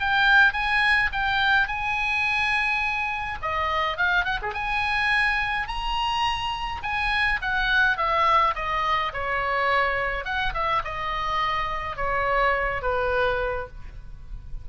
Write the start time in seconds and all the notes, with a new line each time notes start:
0.00 G5
0.53 G#5
1.12 G5
1.67 G#5
3.42 D#5
3.97 F5
4.25 F#5
4.42 G#4
4.54 G#5
5.67 A#5
6.83 G#5
7.42 F#5
7.97 E5
8.55 D#5
9.13 C#5
10.24 F#5
10.54 E5
10.84 D#5
11.96 C#5
12.82 B4